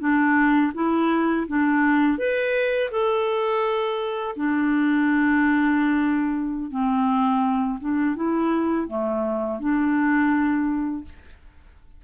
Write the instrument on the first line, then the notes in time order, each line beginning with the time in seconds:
clarinet
0.00 D4
0.75 E4
1.48 D4
2.18 B4
2.91 A4
4.36 D4
6.71 C4
7.80 D4
8.16 E4
8.88 A3
9.60 D4